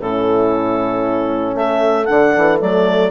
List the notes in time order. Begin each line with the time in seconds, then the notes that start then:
0.00 A2 C#4 E4 A4
1.54 A3 A4 E5
2.05 D3 D4 F#5
2.37 E3
2.60 F#3 A3 D5